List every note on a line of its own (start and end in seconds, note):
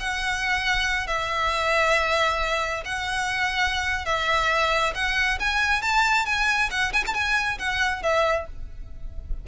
0.00 1.07 F#5
1.07 2.84 E5
2.85 4.06 F#5
4.06 4.94 E5
4.95 5.39 F#5
5.40 5.82 G#5
5.82 6.26 A5
6.26 6.70 G#5
6.71 6.93 F#5
6.93 7.04 G#5
7.07 7.15 A5
7.15 7.59 G#5
7.59 8.03 F#5
8.03 8.47 E5